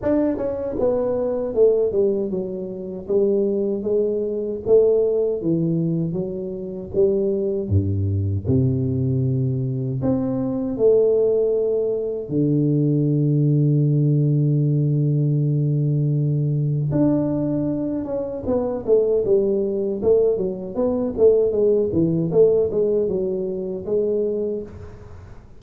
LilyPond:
\new Staff \with { instrumentName = "tuba" } { \time 4/4 \tempo 4 = 78 d'8 cis'8 b4 a8 g8 fis4 | g4 gis4 a4 e4 | fis4 g4 g,4 c4~ | c4 c'4 a2 |
d1~ | d2 d'4. cis'8 | b8 a8 g4 a8 fis8 b8 a8 | gis8 e8 a8 gis8 fis4 gis4 | }